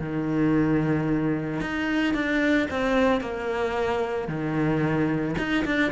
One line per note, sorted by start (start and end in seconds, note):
0.00 1.61 D#3
1.61 2.14 D#4
2.14 2.67 D4
2.70 3.21 C4
3.21 4.28 A#3
4.28 5.35 D#3
5.38 5.65 D#4
5.65 5.92 D4